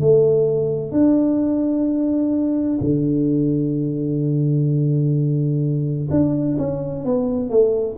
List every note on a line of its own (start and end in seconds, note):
0.00 0.91 A3
0.91 2.79 D4
2.80 6.09 D3
6.11 6.58 D4
6.58 7.05 C#4
7.05 7.50 B3
7.50 7.96 A3